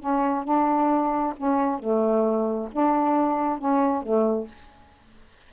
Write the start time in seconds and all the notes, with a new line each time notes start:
0.00 C#4
0.44 D4
1.37 C#4
1.80 A3
2.73 D4
3.59 C#4
4.03 A3